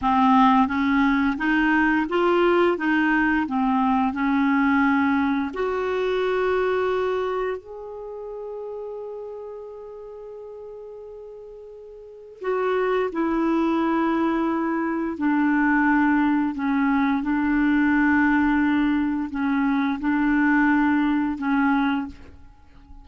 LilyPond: \new Staff \with { instrumentName = "clarinet" } { \time 4/4 \tempo 4 = 87 c'4 cis'4 dis'4 f'4 | dis'4 c'4 cis'2 | fis'2. gis'4~ | gis'1~ |
gis'2 fis'4 e'4~ | e'2 d'2 | cis'4 d'2. | cis'4 d'2 cis'4 | }